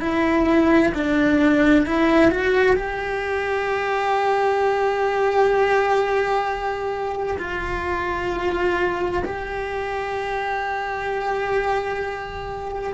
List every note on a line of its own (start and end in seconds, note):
0.00 0.92 E4
0.94 1.85 D4
1.85 2.30 E4
2.30 2.76 F#4
2.76 7.37 G4
7.38 9.23 F4
9.24 12.93 G4